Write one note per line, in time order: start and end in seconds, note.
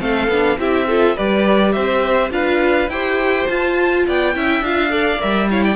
0.00 0.29 A3
0.00 0.29 C4
0.00 0.59 A4
0.00 0.59 F5
0.29 0.58 B3
0.29 0.59 D4
0.58 1.16 C4
0.58 0.88 E4
0.58 0.88 G4
0.58 1.17 E5
0.88 1.18 F4
0.88 1.16 A4
1.16 1.77 G3
1.16 2.31 G4
1.16 1.74 B4
1.16 1.73 D5
1.73 2.31 C4
1.73 2.32 C5
1.73 2.31 E5
2.31 2.88 D4
2.31 2.88 F4
2.31 2.91 B4
2.31 2.90 F5
2.88 3.46 E4
2.88 3.49 G4
2.88 4.06 C5
2.88 3.47 G5
3.47 4.35 F4
3.47 4.07 F4
3.47 4.05 A5
4.07 4.36 B3
4.07 4.36 D5
4.07 4.64 G5
4.35 4.61 C#4
4.35 4.64 E4
4.35 4.92 E5
4.61 5.19 D4
4.61 4.90 F4
4.61 5.22 F5
4.90 5.19 A4
4.90 5.50 D5
5.19 5.77 G3
5.19 5.48 A#4
5.19 5.50 E5
5.50 5.77 E4
5.50 5.65 C#5
5.50 5.64 F5
5.64 5.77 D5
5.64 5.77 G5